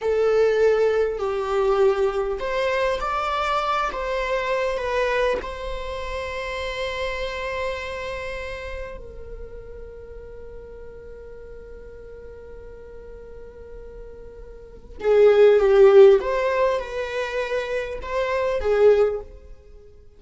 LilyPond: \new Staff \with { instrumentName = "viola" } { \time 4/4 \tempo 4 = 100 a'2 g'2 | c''4 d''4. c''4. | b'4 c''2.~ | c''2. ais'4~ |
ais'1~ | ais'1~ | ais'4 gis'4 g'4 c''4 | b'2 c''4 gis'4 | }